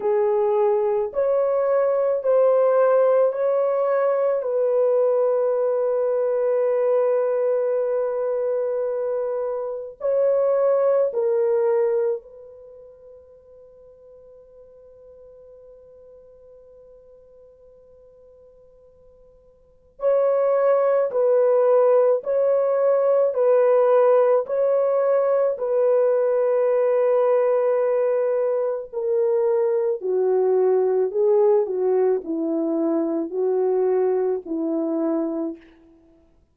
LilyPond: \new Staff \with { instrumentName = "horn" } { \time 4/4 \tempo 4 = 54 gis'4 cis''4 c''4 cis''4 | b'1~ | b'4 cis''4 ais'4 b'4~ | b'1~ |
b'2 cis''4 b'4 | cis''4 b'4 cis''4 b'4~ | b'2 ais'4 fis'4 | gis'8 fis'8 e'4 fis'4 e'4 | }